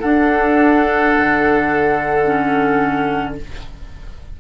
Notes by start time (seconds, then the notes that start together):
0.00 D4 A4 F#5
1.18 D3
2.25 C#4